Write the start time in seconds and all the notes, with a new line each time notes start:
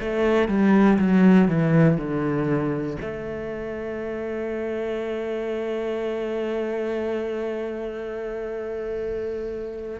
0.00 A3
0.48 G3
0.99 F#3
1.48 E3
1.97 D3
3.00 A3